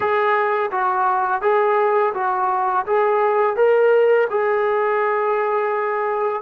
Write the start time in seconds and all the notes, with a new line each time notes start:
0.00 G#4
0.71 F#4
1.41 G#4
2.14 F#4
2.86 G#4
3.56 A#4
4.30 G#4